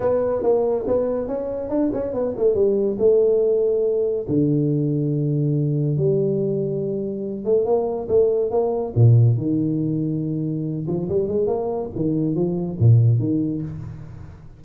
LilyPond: \new Staff \with { instrumentName = "tuba" } { \time 4/4 \tempo 4 = 141 b4 ais4 b4 cis'4 | d'8 cis'8 b8 a8 g4 a4~ | a2 d2~ | d2 g2~ |
g4. a8 ais4 a4 | ais4 ais,4 dis2~ | dis4. f8 g8 gis8 ais4 | dis4 f4 ais,4 dis4 | }